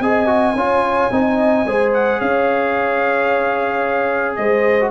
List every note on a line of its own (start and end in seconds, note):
0.00 0.55 C4
0.00 0.27 G#4
0.00 0.57 D#5
0.00 1.93 G#5
0.27 0.54 F#4
0.55 1.10 C#4
0.55 1.12 F4
0.55 1.13 C#5
1.12 1.66 C4
1.12 1.66 D#4
1.12 1.67 D#5
1.67 2.21 G#3
1.67 4.81 G#4
1.67 2.19 C5
1.94 2.21 F#5
2.19 4.38 C#4
2.19 4.38 C#5
2.19 4.36 F5
4.36 4.91 G#3
4.36 4.91 C5
4.36 4.90 D#5
4.81 4.91 F#4